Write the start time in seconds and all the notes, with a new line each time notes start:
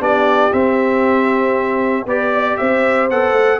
0.00 B3 D4 G4 D5
0.53 C4 E5
2.05 B3 G4 B4 D5
2.33 D5
2.57 C4 C5 E5
3.10 B3 A4 F#5
3.32 A3